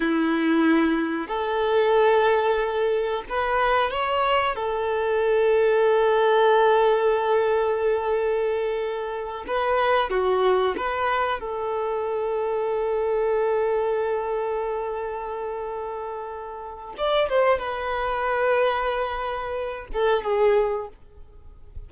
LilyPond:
\new Staff \with { instrumentName = "violin" } { \time 4/4 \tempo 4 = 92 e'2 a'2~ | a'4 b'4 cis''4 a'4~ | a'1~ | a'2~ a'8 b'4 fis'8~ |
fis'8 b'4 a'2~ a'8~ | a'1~ | a'2 d''8 c''8 b'4~ | b'2~ b'8 a'8 gis'4 | }